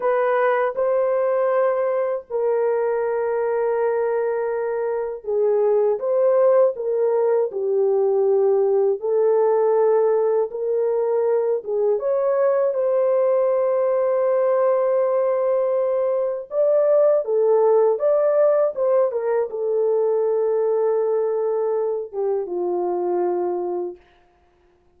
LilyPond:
\new Staff \with { instrumentName = "horn" } { \time 4/4 \tempo 4 = 80 b'4 c''2 ais'4~ | ais'2. gis'4 | c''4 ais'4 g'2 | a'2 ais'4. gis'8 |
cis''4 c''2.~ | c''2 d''4 a'4 | d''4 c''8 ais'8 a'2~ | a'4. g'8 f'2 | }